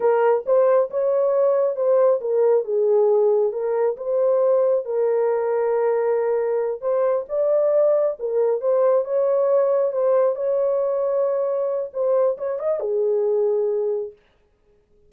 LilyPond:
\new Staff \with { instrumentName = "horn" } { \time 4/4 \tempo 4 = 136 ais'4 c''4 cis''2 | c''4 ais'4 gis'2 | ais'4 c''2 ais'4~ | ais'2.~ ais'8 c''8~ |
c''8 d''2 ais'4 c''8~ | c''8 cis''2 c''4 cis''8~ | cis''2. c''4 | cis''8 dis''8 gis'2. | }